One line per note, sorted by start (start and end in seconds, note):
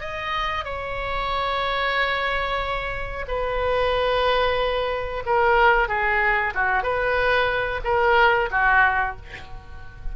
0.00 0.65 D#5
0.65 3.25 C#5
3.28 5.23 B4
5.26 5.88 A#4
5.88 6.53 G#4
6.55 6.83 F#4
6.83 7.81 B4
7.84 8.49 A#4
8.51 9.16 F#4